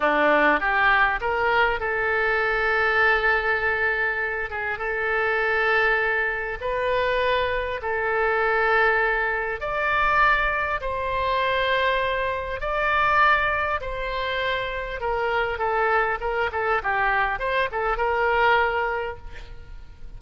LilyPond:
\new Staff \with { instrumentName = "oboe" } { \time 4/4 \tempo 4 = 100 d'4 g'4 ais'4 a'4~ | a'2.~ a'8 gis'8 | a'2. b'4~ | b'4 a'2. |
d''2 c''2~ | c''4 d''2 c''4~ | c''4 ais'4 a'4 ais'8 a'8 | g'4 c''8 a'8 ais'2 | }